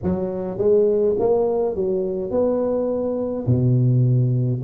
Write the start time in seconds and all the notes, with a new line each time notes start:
0.03 F#3
0.58 G#3
1.19 A#3
1.75 F#3
2.30 B3
3.46 B2